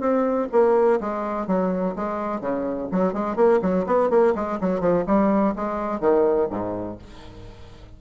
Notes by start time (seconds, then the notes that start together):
0.00 C4
0.52 A#3
1.01 G#3
1.47 F#3
1.96 G#3
2.41 C#3
2.92 F#3
3.14 G#3
3.36 A#3
3.62 F#3
3.87 B3
4.10 A#3
4.35 G#3
4.61 F#3
4.81 F3
5.07 G3
5.56 G#3
6.01 D#3
6.51 G#2